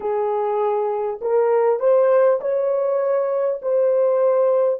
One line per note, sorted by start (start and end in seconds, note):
0.00 1.20 G#4
1.21 1.79 A#4
1.79 2.39 C5
2.41 3.61 C#5
3.62 4.79 C5